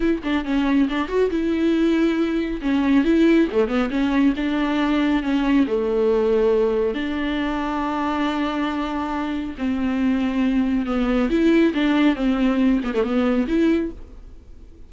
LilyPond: \new Staff \with { instrumentName = "viola" } { \time 4/4 \tempo 4 = 138 e'8 d'8 cis'4 d'8 fis'8 e'4~ | e'2 cis'4 e'4 | a8 b8 cis'4 d'2 | cis'4 a2. |
d'1~ | d'2 c'2~ | c'4 b4 e'4 d'4 | c'4. b16 a16 b4 e'4 | }